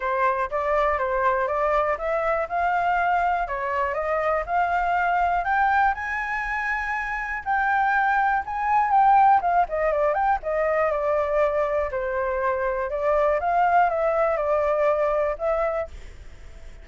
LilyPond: \new Staff \with { instrumentName = "flute" } { \time 4/4 \tempo 4 = 121 c''4 d''4 c''4 d''4 | e''4 f''2 cis''4 | dis''4 f''2 g''4 | gis''2. g''4~ |
g''4 gis''4 g''4 f''8 dis''8 | d''8 g''8 dis''4 d''2 | c''2 d''4 f''4 | e''4 d''2 e''4 | }